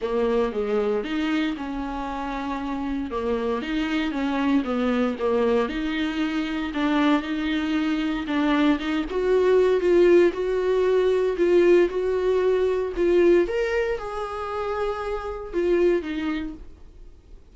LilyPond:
\new Staff \with { instrumentName = "viola" } { \time 4/4 \tempo 4 = 116 ais4 gis4 dis'4 cis'4~ | cis'2 ais4 dis'4 | cis'4 b4 ais4 dis'4~ | dis'4 d'4 dis'2 |
d'4 dis'8 fis'4. f'4 | fis'2 f'4 fis'4~ | fis'4 f'4 ais'4 gis'4~ | gis'2 f'4 dis'4 | }